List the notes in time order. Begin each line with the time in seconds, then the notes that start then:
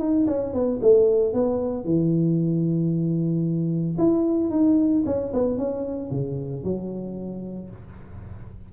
0.00 D#4
0.28 C#4
0.54 B3
0.82 A3
1.34 B3
1.85 E3
3.98 E4
4.51 D#4
5.06 C#4
5.34 B3
5.58 C#4
6.11 C#3
6.64 F#3